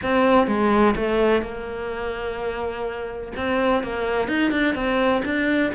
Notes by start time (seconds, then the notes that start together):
0.03 C4
0.47 G#3
0.95 A3
1.42 A#3
3.36 C4
3.83 A#3
4.28 D#4
4.51 D4
4.74 C4
5.24 D4